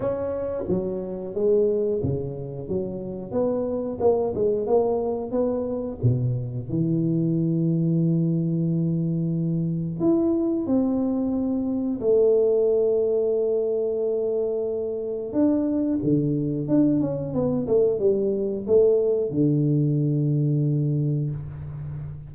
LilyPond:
\new Staff \with { instrumentName = "tuba" } { \time 4/4 \tempo 4 = 90 cis'4 fis4 gis4 cis4 | fis4 b4 ais8 gis8 ais4 | b4 b,4 e2~ | e2. e'4 |
c'2 a2~ | a2. d'4 | d4 d'8 cis'8 b8 a8 g4 | a4 d2. | }